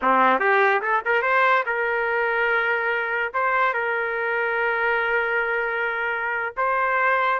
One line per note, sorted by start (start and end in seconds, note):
0.02 0.39 C4
0.39 0.81 G4
0.81 1.02 A4
1.05 1.21 A#4
1.21 1.63 C5
1.66 3.32 A#4
3.33 3.73 C5
3.73 6.55 A#4
6.56 7.39 C5